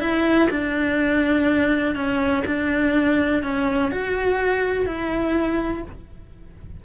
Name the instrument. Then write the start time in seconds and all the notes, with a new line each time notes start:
cello
0.00 E4
0.50 D4
1.95 C#4
2.46 D4
3.43 C#4
3.91 F#4
4.86 E4